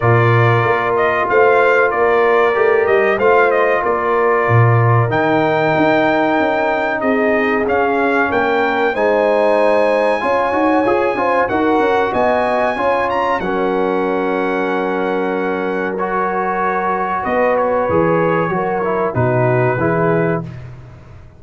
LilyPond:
<<
  \new Staff \with { instrumentName = "trumpet" } { \time 4/4 \tempo 4 = 94 d''4. dis''8 f''4 d''4~ | d''8 dis''8 f''8 dis''8 d''2 | g''2. dis''4 | f''4 g''4 gis''2~ |
gis''2 fis''4 gis''4~ | gis''8 ais''8 fis''2.~ | fis''4 cis''2 dis''8 cis''8~ | cis''2 b'2 | }
  \new Staff \with { instrumentName = "horn" } { \time 4/4 ais'2 c''4 ais'4~ | ais'4 c''4 ais'2~ | ais'2. gis'4~ | gis'4 ais'4 c''2 |
cis''4. c''8 ais'4 dis''4 | cis''4 ais'2.~ | ais'2. b'4~ | b'4 ais'4 fis'4 gis'4 | }
  \new Staff \with { instrumentName = "trombone" } { \time 4/4 f'1 | g'4 f'2. | dis'1 | cis'2 dis'2 |
f'8 fis'8 gis'8 f'8 fis'2 | f'4 cis'2.~ | cis'4 fis'2. | gis'4 fis'8 e'8 dis'4 e'4 | }
  \new Staff \with { instrumentName = "tuba" } { \time 4/4 ais,4 ais4 a4 ais4 | a8 g8 a4 ais4 ais,4 | dis4 dis'4 cis'4 c'4 | cis'4 ais4 gis2 |
cis'8 dis'8 f'8 cis'8 dis'8 cis'8 b4 | cis'4 fis2.~ | fis2. b4 | e4 fis4 b,4 e4 | }
>>